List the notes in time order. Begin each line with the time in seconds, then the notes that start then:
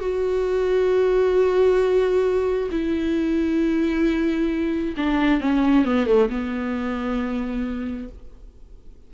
0.00 F#4
2.71 E4
4.97 D4
5.41 C#4
5.85 B3
6.07 A3
6.29 B3